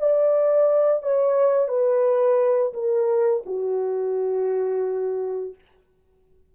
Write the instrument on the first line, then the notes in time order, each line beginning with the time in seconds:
horn
0.00 D5
1.03 C#5
1.69 B4
2.74 A#4
3.46 F#4